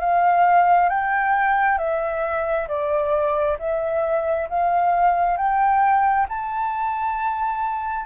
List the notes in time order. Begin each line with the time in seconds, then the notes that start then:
0.00 F5
0.89 G5
1.78 E5
2.68 D5
3.59 E5
4.49 F5
5.37 G5
6.29 A5